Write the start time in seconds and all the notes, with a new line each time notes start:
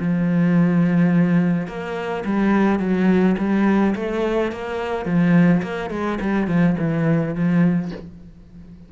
0.00 F3
1.68 A#3
2.25 G3
2.80 F#3
3.39 G3
3.96 A3
4.52 A#3
5.06 F3
5.63 A#3
5.91 G#3
6.21 G3
6.48 F3
6.80 E3
7.35 F3